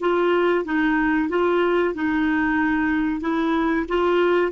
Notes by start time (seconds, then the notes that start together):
0.00 F4
0.65 D#4
1.29 F4
1.94 D#4
3.20 E4
3.88 F4